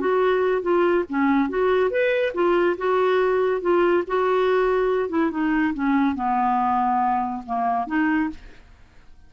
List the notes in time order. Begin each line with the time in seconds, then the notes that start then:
0.00 F#4
0.62 F4
1.09 C#4
1.49 F#4
1.91 B4
2.34 F4
2.78 F#4
3.61 F4
4.07 F#4
5.09 E4
5.31 D#4
5.74 C#4
6.15 B3
7.46 A#3
7.87 D#4